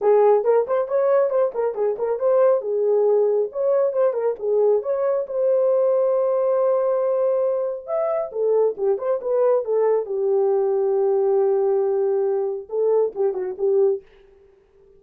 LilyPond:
\new Staff \with { instrumentName = "horn" } { \time 4/4 \tempo 4 = 137 gis'4 ais'8 c''8 cis''4 c''8 ais'8 | gis'8 ais'8 c''4 gis'2 | cis''4 c''8 ais'8 gis'4 cis''4 | c''1~ |
c''2 e''4 a'4 | g'8 c''8 b'4 a'4 g'4~ | g'1~ | g'4 a'4 g'8 fis'8 g'4 | }